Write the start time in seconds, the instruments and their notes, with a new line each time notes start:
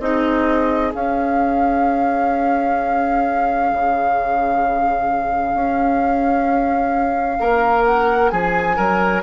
0.00 bassoon C4, clarinet D#4, oboe G#4, flute D#5
0.93 clarinet C#4, bassoon C#4, flute F5
3.73 bassoon C#3
5.54 bassoon C#4
7.40 bassoon A#3, oboe A#4
7.85 flute F#5
8.29 bassoon F3, oboe G#4, flute G#5
8.77 bassoon F#3, oboe A#4